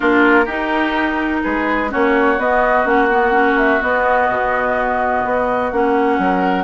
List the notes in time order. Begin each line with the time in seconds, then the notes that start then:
0.00 A#3 D4 F4 A#4
0.45 D#4 G4
1.43 G#3 G#4 B4
1.89 A#3 C#4 F#4 C#5
2.38 B3 D#5
2.84 A#3 C#4 F#5
3.10 B3
3.32 C#4
3.58 E5
3.80 B3 D#5
4.29 B2
5.24 B3
5.71 A#3 C#4 F#5
6.18 F#3 A#4